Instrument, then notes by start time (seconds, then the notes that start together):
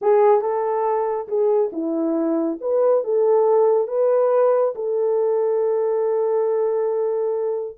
horn
0.01 G#4
0.41 A4
1.27 G#4
1.72 E4
2.60 B4
3.04 A4
3.87 B4
4.75 A4